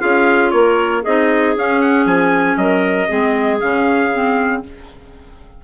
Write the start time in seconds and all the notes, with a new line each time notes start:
0.00 C#4 F4 G#4 F5
0.51 A#3 A#4 C#5
1.03 C4 D#4 G#4 D#5
1.56 C#4 F5
1.81 F#5
2.06 F3 G#5
2.57 F#3 A#4 D#5
3.09 G#3 C4 G#4
3.60 C#3 C#4 F5
4.13 C4